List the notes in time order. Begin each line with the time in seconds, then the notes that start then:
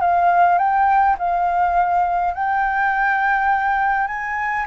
0.00 F5
0.58 G5
1.18 F5
2.33 G5
4.07 G#5